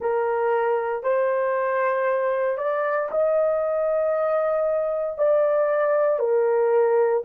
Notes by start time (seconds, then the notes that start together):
0.00 A#4
1.03 C5
2.57 D5
3.11 D#5
5.17 D5
6.19 A#4